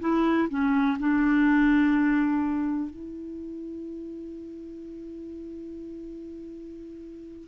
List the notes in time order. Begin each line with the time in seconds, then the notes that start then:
0.00 E4
0.49 C#4
0.99 D4
2.90 E4